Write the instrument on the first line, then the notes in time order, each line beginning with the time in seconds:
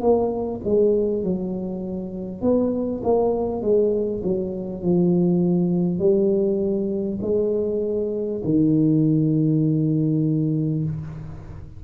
tuba
0.00 A#3
0.64 G#3
1.23 F#3
2.41 B3
3.03 A#3
3.61 G#3
4.23 F#3
4.82 F3
5.99 G3
7.21 G#3
8.44 D#3